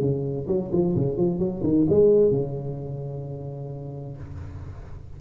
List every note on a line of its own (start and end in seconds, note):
0.00 0.47 C#3
0.47 0.71 F#3
0.72 0.95 F3
0.96 1.17 C#3
1.17 1.39 F3
1.39 1.62 F#3
1.63 1.86 D#3
1.89 2.31 G#3
2.31 4.17 C#3